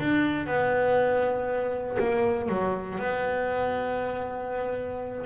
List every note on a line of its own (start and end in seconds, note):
0.00 0.47 D4
0.47 1.98 B3
2.00 2.49 A#3
2.49 2.99 F#3
2.99 5.26 B3